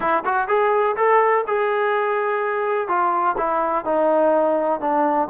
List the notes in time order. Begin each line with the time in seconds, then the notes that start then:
0.00 E4
0.25 F#4
0.48 G#4
0.96 A4
1.47 G#4
2.88 F4
3.37 E4
3.84 D#4
4.80 D4